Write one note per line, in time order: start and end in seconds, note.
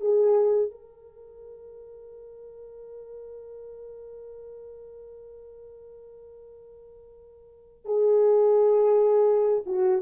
0.00 0.70 G#4
0.70 7.85 A#4
7.85 9.64 G#4
9.66 10.02 F#4